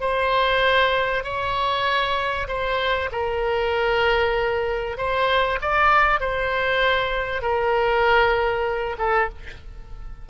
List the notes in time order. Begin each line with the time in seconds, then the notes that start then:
0.00 C5
1.23 C#5
2.48 C5
3.12 A#4
4.97 C5
5.61 D5
6.20 C5
7.41 A#4
8.98 A4